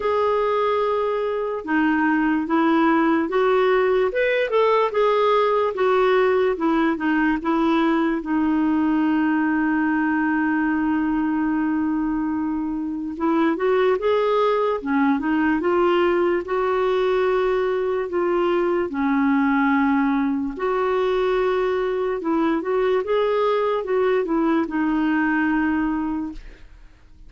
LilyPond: \new Staff \with { instrumentName = "clarinet" } { \time 4/4 \tempo 4 = 73 gis'2 dis'4 e'4 | fis'4 b'8 a'8 gis'4 fis'4 | e'8 dis'8 e'4 dis'2~ | dis'1 |
e'8 fis'8 gis'4 cis'8 dis'8 f'4 | fis'2 f'4 cis'4~ | cis'4 fis'2 e'8 fis'8 | gis'4 fis'8 e'8 dis'2 | }